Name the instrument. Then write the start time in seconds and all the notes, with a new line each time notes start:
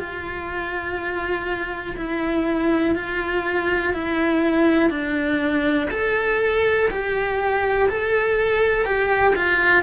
cello
0.00 F4
1.97 E4
2.96 F4
3.94 E4
4.90 D4
5.91 A4
6.91 G4
7.90 A4
8.86 G4
9.36 F4